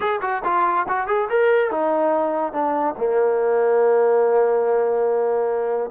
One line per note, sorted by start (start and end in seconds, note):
0.00 0.20 G#4
0.21 0.42 F#4
0.44 0.86 F4
0.88 1.07 F#4
1.07 1.28 G#4
1.29 1.70 A#4
1.70 2.52 D#4
2.52 2.94 D4
2.97 5.90 A#3